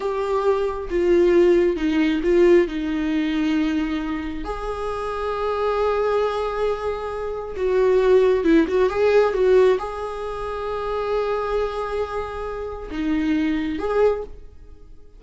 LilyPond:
\new Staff \with { instrumentName = "viola" } { \time 4/4 \tempo 4 = 135 g'2 f'2 | dis'4 f'4 dis'2~ | dis'2 gis'2~ | gis'1~ |
gis'4 fis'2 e'8 fis'8 | gis'4 fis'4 gis'2~ | gis'1~ | gis'4 dis'2 gis'4 | }